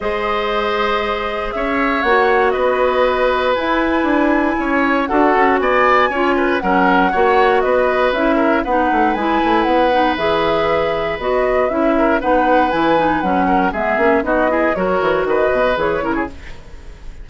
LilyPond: <<
  \new Staff \with { instrumentName = "flute" } { \time 4/4 \tempo 4 = 118 dis''2. e''4 | fis''4 dis''2 gis''4~ | gis''2 fis''4 gis''4~ | gis''4 fis''2 dis''4 |
e''4 fis''4 gis''4 fis''4 | e''2 dis''4 e''4 | fis''4 gis''4 fis''4 e''4 | dis''4 cis''4 dis''4 cis''4 | }
  \new Staff \with { instrumentName = "oboe" } { \time 4/4 c''2. cis''4~ | cis''4 b'2.~ | b'4 cis''4 a'4 d''4 | cis''8 b'8 ais'4 cis''4 b'4~ |
b'8 ais'8 b'2.~ | b'2.~ b'8 ais'8 | b'2~ b'8 ais'8 gis'4 | fis'8 gis'8 ais'4 b'4. ais'16 gis'16 | }
  \new Staff \with { instrumentName = "clarinet" } { \time 4/4 gis'1 | fis'2. e'4~ | e'2 fis'2 | f'4 cis'4 fis'2 |
e'4 dis'4 e'4. dis'8 | gis'2 fis'4 e'4 | dis'4 e'8 dis'8 cis'4 b8 cis'8 | dis'8 e'8 fis'2 gis'8 e'8 | }
  \new Staff \with { instrumentName = "bassoon" } { \time 4/4 gis2. cis'4 | ais4 b2 e'4 | d'4 cis'4 d'8 cis'8 b4 | cis'4 fis4 ais4 b4 |
cis'4 b8 a8 gis8 a8 b4 | e2 b4 cis'4 | b4 e4 fis4 gis8 ais8 | b4 fis8 e8 dis8 b,8 e8 cis8 | }
>>